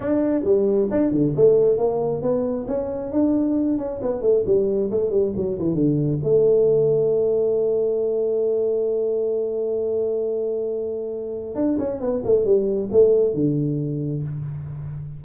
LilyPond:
\new Staff \with { instrumentName = "tuba" } { \time 4/4 \tempo 4 = 135 d'4 g4 d'8 d8 a4 | ais4 b4 cis'4 d'4~ | d'8 cis'8 b8 a8 g4 a8 g8 | fis8 e8 d4 a2~ |
a1~ | a1~ | a2 d'8 cis'8 b8 a8 | g4 a4 d2 | }